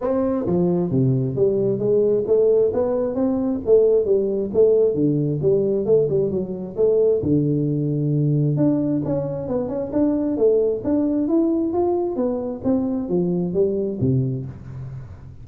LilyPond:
\new Staff \with { instrumentName = "tuba" } { \time 4/4 \tempo 4 = 133 c'4 f4 c4 g4 | gis4 a4 b4 c'4 | a4 g4 a4 d4 | g4 a8 g8 fis4 a4 |
d2. d'4 | cis'4 b8 cis'8 d'4 a4 | d'4 e'4 f'4 b4 | c'4 f4 g4 c4 | }